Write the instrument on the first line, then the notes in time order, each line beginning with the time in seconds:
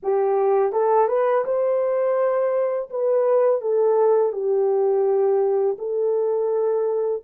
horn
0.02 G4
0.72 A4
1.08 B4
1.45 C5
2.90 B4
3.61 A4
4.32 G4
5.78 A4